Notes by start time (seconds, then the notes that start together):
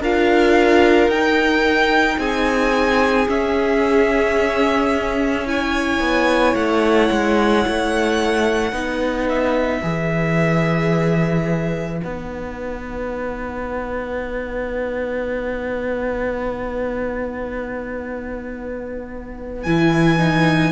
0.00 D4 F4 A#4 F5
1.07 D#4 G5
2.18 C4 G#4 G#5
3.27 C#4 E5
5.46 E4 C#5 G#5
6.00 B3
6.55 A3 F#5
7.11 G#3
7.67 A3
8.72 B3 D#4 B4
9.29 E5
9.82 E3 G#4
11.99 B3 D#4 F#5
19.64 E3 E4 G#5
20.18 D#4